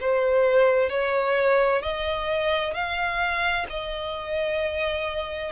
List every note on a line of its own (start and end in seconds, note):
0.00 0.89 C5
0.89 1.82 C#5
1.82 2.74 D#5
2.74 3.66 F5
3.70 5.52 D#5